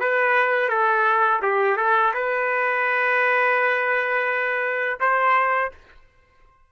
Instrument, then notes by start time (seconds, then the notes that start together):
trumpet
0.00 B4
0.69 A4
1.42 G4
1.77 A4
2.14 B4
5.00 C5